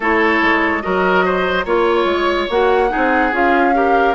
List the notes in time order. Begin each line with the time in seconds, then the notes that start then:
0.00 A3 E4 A4 C#5
0.42 G#3
0.82 F#3 F#4 A#4 D#5
1.25 C5
1.65 A#3 F4 C#5
2.05 G#3
2.49 A#3 F#4 F#5
2.88 D#4 G#4
2.96 C4
3.32 C#4 F4 F5
3.73 G4 A#4